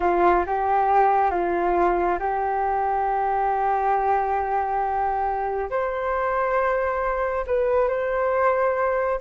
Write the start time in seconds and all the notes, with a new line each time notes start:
0.00 F4
0.46 G4
1.30 F4
2.19 G4
5.70 C5
7.46 B4
7.88 C5